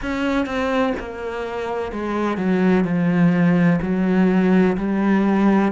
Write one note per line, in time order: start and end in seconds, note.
0.02 0.45 C#4
0.45 0.93 C4
0.99 1.91 A#3
1.91 2.37 G#3
2.37 2.84 F#3
2.84 3.79 F3
3.81 4.76 F#3
4.77 5.71 G3